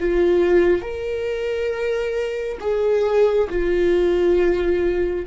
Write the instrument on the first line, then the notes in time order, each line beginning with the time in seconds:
viola
0.00 F4
0.82 A#4
2.60 G#4
3.49 F4